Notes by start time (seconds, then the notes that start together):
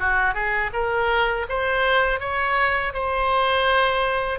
0.00 F#4
0.35 G#4
0.74 A#4
1.49 C5
2.21 C#5
2.94 C5